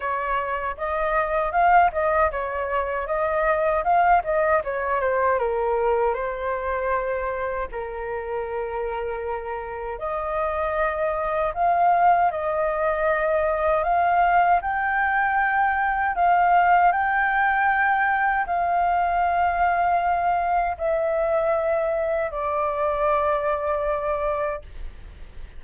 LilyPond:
\new Staff \with { instrumentName = "flute" } { \time 4/4 \tempo 4 = 78 cis''4 dis''4 f''8 dis''8 cis''4 | dis''4 f''8 dis''8 cis''8 c''8 ais'4 | c''2 ais'2~ | ais'4 dis''2 f''4 |
dis''2 f''4 g''4~ | g''4 f''4 g''2 | f''2. e''4~ | e''4 d''2. | }